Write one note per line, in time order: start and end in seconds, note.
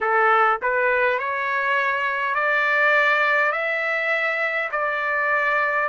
0.00 0.59 A4
0.61 1.18 B4
1.18 2.35 C#5
2.35 3.52 D5
3.52 4.70 E5
4.71 5.88 D5